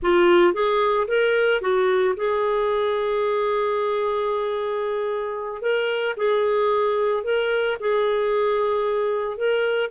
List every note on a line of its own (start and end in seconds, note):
0.02 0.53 F4
0.53 1.07 G#4
1.07 1.61 A#4
1.61 2.14 F#4
2.16 5.61 G#4
5.61 6.15 A#4
6.16 7.23 G#4
7.23 7.77 A#4
7.80 9.37 G#4
9.37 9.90 A#4